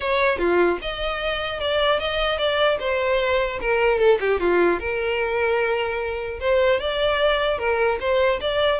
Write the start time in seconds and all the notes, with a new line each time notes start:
0.00 C#5
0.38 F4
0.81 D#5
1.60 D5
1.99 D#5
2.37 D5
2.79 C5
3.61 A#4
3.98 A4
4.20 G4
4.40 F4
4.79 A#4
6.40 C5
6.79 D5
7.58 A#4
7.99 C5
8.41 D5